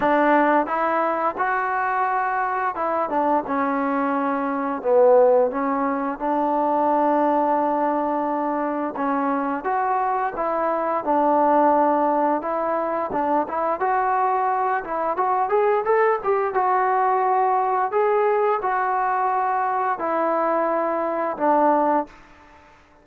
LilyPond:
\new Staff \with { instrumentName = "trombone" } { \time 4/4 \tempo 4 = 87 d'4 e'4 fis'2 | e'8 d'8 cis'2 b4 | cis'4 d'2.~ | d'4 cis'4 fis'4 e'4 |
d'2 e'4 d'8 e'8 | fis'4. e'8 fis'8 gis'8 a'8 g'8 | fis'2 gis'4 fis'4~ | fis'4 e'2 d'4 | }